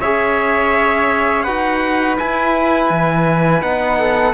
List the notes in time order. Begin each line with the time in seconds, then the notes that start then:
0.00 C#4 G#4 C#5 E5
1.42 D#4 F#4 B4 F#5
2.17 E4 G#5
2.90 E3
3.61 B3 D#4 F#5
3.98 A4